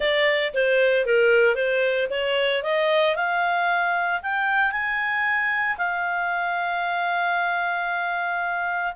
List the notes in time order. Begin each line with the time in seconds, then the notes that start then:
0.00 D5
0.54 C5
1.05 A#4
1.55 C5
2.10 C#5
2.62 D#5
3.15 F5
4.22 G5
4.71 G#5
5.77 F5